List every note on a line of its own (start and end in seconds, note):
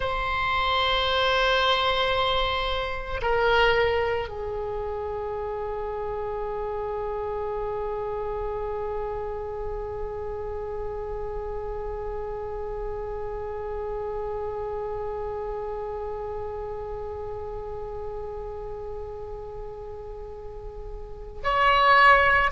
0.00 3.20 C5
3.21 4.28 A#4
4.28 21.42 G#4
21.43 22.50 C#5